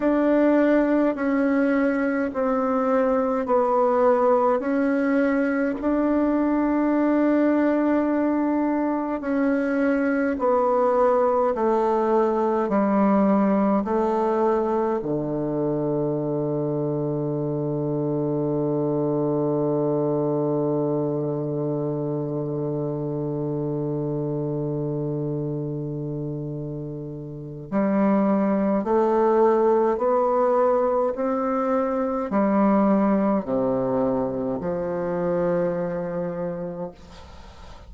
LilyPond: \new Staff \with { instrumentName = "bassoon" } { \time 4/4 \tempo 4 = 52 d'4 cis'4 c'4 b4 | cis'4 d'2. | cis'4 b4 a4 g4 | a4 d2.~ |
d1~ | d1 | g4 a4 b4 c'4 | g4 c4 f2 | }